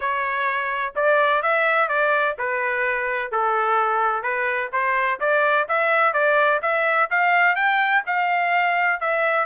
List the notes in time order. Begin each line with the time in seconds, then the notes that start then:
0.00 C#5
0.95 D5
1.42 E5
1.88 D5
2.38 B4
3.31 A4
4.22 B4
4.72 C5
5.20 D5
5.68 E5
6.13 D5
6.61 E5
7.10 F5
7.55 G5
8.06 F5
9.00 E5